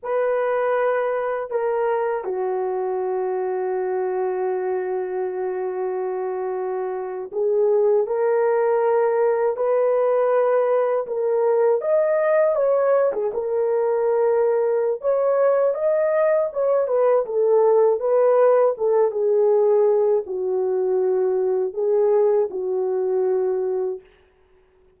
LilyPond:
\new Staff \with { instrumentName = "horn" } { \time 4/4 \tempo 4 = 80 b'2 ais'4 fis'4~ | fis'1~ | fis'4.~ fis'16 gis'4 ais'4~ ais'16~ | ais'8. b'2 ais'4 dis''16~ |
dis''8. cis''8. gis'16 ais'2~ ais'16 | cis''4 dis''4 cis''8 b'8 a'4 | b'4 a'8 gis'4. fis'4~ | fis'4 gis'4 fis'2 | }